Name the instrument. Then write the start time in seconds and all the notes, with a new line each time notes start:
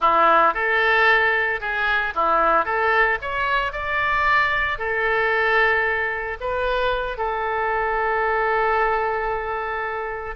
oboe
0.00 E4
0.54 A4
1.60 G#4
2.14 E4
2.65 A4
3.21 C#5
3.72 D5
4.78 A4
6.40 B4
7.17 A4